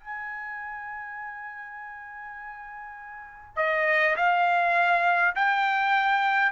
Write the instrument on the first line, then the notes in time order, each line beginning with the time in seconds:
trumpet
0.00 G#5
3.57 D#5
4.16 F5
5.36 G5